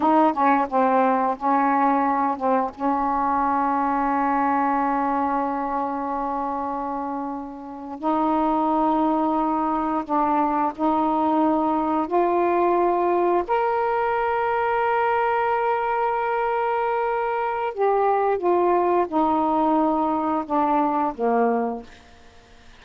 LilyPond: \new Staff \with { instrumentName = "saxophone" } { \time 4/4 \tempo 4 = 88 dis'8 cis'8 c'4 cis'4. c'8 | cis'1~ | cis'2.~ cis'8. dis'16~ | dis'2~ dis'8. d'4 dis'16~ |
dis'4.~ dis'16 f'2 ais'16~ | ais'1~ | ais'2 g'4 f'4 | dis'2 d'4 ais4 | }